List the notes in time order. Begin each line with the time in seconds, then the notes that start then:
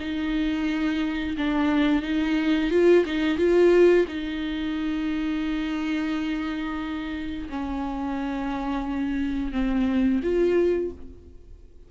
0.00 D#4
1.38 D4
2.02 D#4
2.71 F4
3.05 D#4
3.38 F4
4.08 D#4
7.49 C#4
9.52 C4
10.23 F4